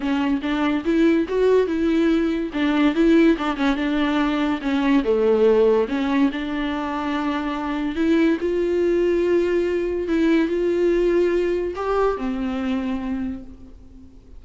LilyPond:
\new Staff \with { instrumentName = "viola" } { \time 4/4 \tempo 4 = 143 cis'4 d'4 e'4 fis'4 | e'2 d'4 e'4 | d'8 cis'8 d'2 cis'4 | a2 cis'4 d'4~ |
d'2. e'4 | f'1 | e'4 f'2. | g'4 c'2. | }